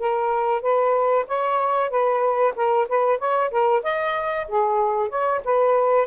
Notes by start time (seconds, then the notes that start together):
0.00 A#4
0.62 B4
1.28 C#5
1.91 B4
2.56 A#4
2.89 B4
3.19 C#5
3.51 A#4
3.84 D#5
4.49 G#4
5.09 C#5
5.45 B4